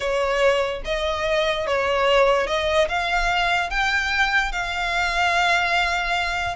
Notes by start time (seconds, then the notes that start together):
0.00 C#5
0.85 D#5
1.66 C#5
2.47 D#5
2.88 F5
3.70 G5
4.51 F5